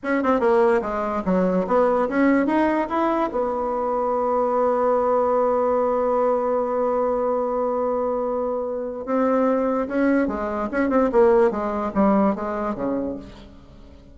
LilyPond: \new Staff \with { instrumentName = "bassoon" } { \time 4/4 \tempo 4 = 146 cis'8 c'8 ais4 gis4 fis4 | b4 cis'4 dis'4 e'4 | b1~ | b1~ |
b1~ | b2 c'2 | cis'4 gis4 cis'8 c'8 ais4 | gis4 g4 gis4 cis4 | }